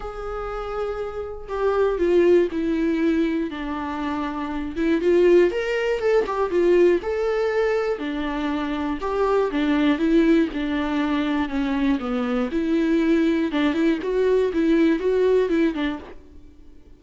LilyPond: \new Staff \with { instrumentName = "viola" } { \time 4/4 \tempo 4 = 120 gis'2. g'4 | f'4 e'2 d'4~ | d'4. e'8 f'4 ais'4 | a'8 g'8 f'4 a'2 |
d'2 g'4 d'4 | e'4 d'2 cis'4 | b4 e'2 d'8 e'8 | fis'4 e'4 fis'4 e'8 d'8 | }